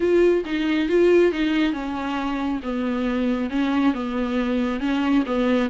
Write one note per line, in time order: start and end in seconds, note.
0.00 0.44 F4
0.45 0.88 D#4
0.88 1.31 F4
1.31 1.72 D#4
1.72 2.60 C#4
2.62 3.50 B3
3.50 3.93 C#4
3.94 4.80 B3
4.80 5.23 C#4
5.26 5.69 B3